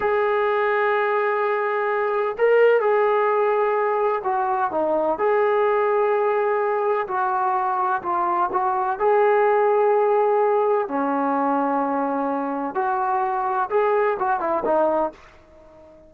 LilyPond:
\new Staff \with { instrumentName = "trombone" } { \time 4/4 \tempo 4 = 127 gis'1~ | gis'4 ais'4 gis'2~ | gis'4 fis'4 dis'4 gis'4~ | gis'2. fis'4~ |
fis'4 f'4 fis'4 gis'4~ | gis'2. cis'4~ | cis'2. fis'4~ | fis'4 gis'4 fis'8 e'8 dis'4 | }